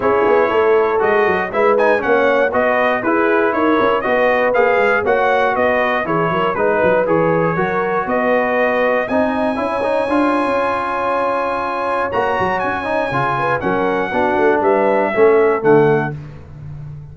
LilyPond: <<
  \new Staff \with { instrumentName = "trumpet" } { \time 4/4 \tempo 4 = 119 cis''2 dis''4 e''8 gis''8 | fis''4 dis''4 b'4 cis''4 | dis''4 f''4 fis''4 dis''4 | cis''4 b'4 cis''2 |
dis''2 gis''2~ | gis''1 | ais''4 gis''2 fis''4~ | fis''4 e''2 fis''4 | }
  \new Staff \with { instrumentName = "horn" } { \time 4/4 gis'4 a'2 b'4 | cis''4 b'4 gis'4 ais'4 | b'2 cis''4 b'4 | gis'8 ais'8 b'2 ais'4 |
b'2 dis''4 cis''4~ | cis''1~ | cis''2~ cis''8 b'8 ais'4 | fis'4 b'4 a'2 | }
  \new Staff \with { instrumentName = "trombone" } { \time 4/4 e'2 fis'4 e'8 dis'8 | cis'4 fis'4 e'2 | fis'4 gis'4 fis'2 | e'4 dis'4 gis'4 fis'4~ |
fis'2 dis'4 e'8 dis'8 | f'1 | fis'4. dis'8 f'4 cis'4 | d'2 cis'4 a4 | }
  \new Staff \with { instrumentName = "tuba" } { \time 4/4 cis'8 b8 a4 gis8 fis8 gis4 | ais4 b4 e'4 dis'8 cis'8 | b4 ais8 gis8 ais4 b4 | e8 fis8 gis8 fis8 e4 fis4 |
b2 c'4 cis'4 | d'8. cis'2.~ cis'16 | ais8 fis8 cis'4 cis4 fis4 | b8 a8 g4 a4 d4 | }
>>